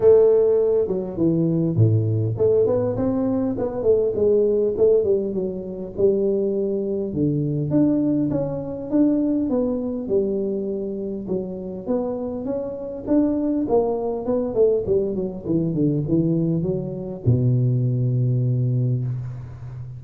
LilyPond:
\new Staff \with { instrumentName = "tuba" } { \time 4/4 \tempo 4 = 101 a4. fis8 e4 a,4 | a8 b8 c'4 b8 a8 gis4 | a8 g8 fis4 g2 | d4 d'4 cis'4 d'4 |
b4 g2 fis4 | b4 cis'4 d'4 ais4 | b8 a8 g8 fis8 e8 d8 e4 | fis4 b,2. | }